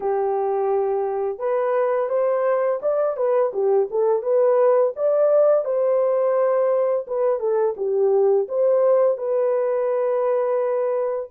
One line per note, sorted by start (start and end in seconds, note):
0.00 1.39 G4
1.39 2.09 B4
2.09 2.79 C5
2.82 3.16 D5
3.16 3.52 B4
3.53 3.88 G4
3.90 4.22 A4
4.22 4.93 B4
4.96 5.64 D5
5.64 7.06 C5
7.07 7.39 B4
7.39 7.75 A4
7.76 8.47 G4
8.48 9.17 C5
9.17 11.29 B4